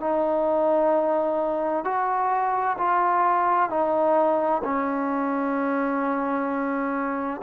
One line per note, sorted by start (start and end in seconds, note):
0.00 1.85 D#4
1.85 2.77 F#4
2.78 3.70 F4
3.70 4.62 D#4
4.64 7.41 C#4